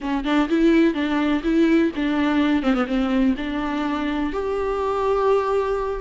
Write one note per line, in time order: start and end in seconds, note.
0.00 0.24 C#4
0.24 0.48 D4
0.48 0.94 E4
0.94 1.42 D4
1.43 1.91 E4
1.95 2.62 D4
2.62 2.74 C4
2.74 2.86 B3
2.86 3.34 C4
3.37 4.32 D4
4.32 6.00 G4